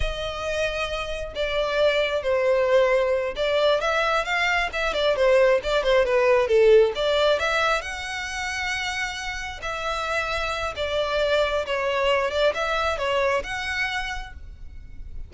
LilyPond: \new Staff \with { instrumentName = "violin" } { \time 4/4 \tempo 4 = 134 dis''2. d''4~ | d''4 c''2~ c''8 d''8~ | d''8 e''4 f''4 e''8 d''8 c''8~ | c''8 d''8 c''8 b'4 a'4 d''8~ |
d''8 e''4 fis''2~ fis''8~ | fis''4. e''2~ e''8 | d''2 cis''4. d''8 | e''4 cis''4 fis''2 | }